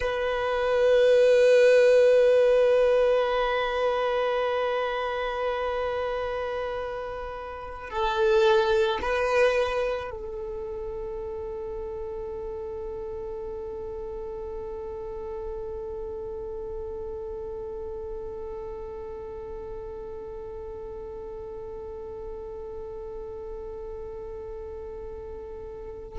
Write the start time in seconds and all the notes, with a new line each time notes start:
0.00 B4
7.90 A4
9.01 B4
10.10 A4